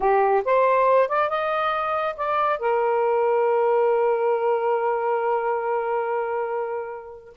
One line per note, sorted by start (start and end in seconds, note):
0.00 0.43 G4
0.44 1.08 C5
1.08 1.29 D5
1.29 2.15 D#5
2.16 2.59 D5
2.59 7.33 A#4